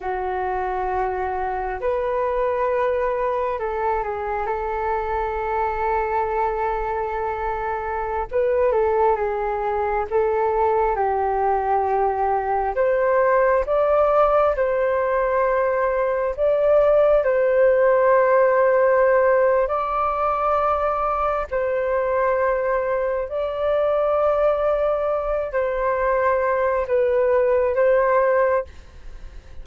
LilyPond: \new Staff \with { instrumentName = "flute" } { \time 4/4 \tempo 4 = 67 fis'2 b'2 | a'8 gis'8 a'2.~ | a'4~ a'16 b'8 a'8 gis'4 a'8.~ | a'16 g'2 c''4 d''8.~ |
d''16 c''2 d''4 c''8.~ | c''2 d''2 | c''2 d''2~ | d''8 c''4. b'4 c''4 | }